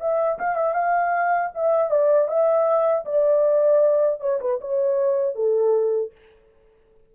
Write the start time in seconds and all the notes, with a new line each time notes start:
0.00 E5
0.39 F5
0.56 E5
0.73 F5
1.55 E5
1.91 D5
2.28 E5
3.05 D5
4.21 C#5
4.41 B4
4.61 C#5
5.35 A4